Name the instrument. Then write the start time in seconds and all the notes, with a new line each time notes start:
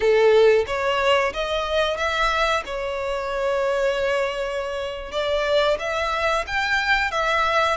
violin
0.00 A4
0.67 C#5
1.33 D#5
1.97 E5
2.65 C#5
5.11 D5
5.79 E5
6.46 G5
7.11 E5